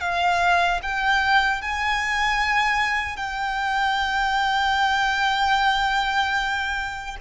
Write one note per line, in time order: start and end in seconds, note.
0.00 0.80 F5
0.82 1.61 G5
1.61 3.16 G#5
3.16 7.16 G5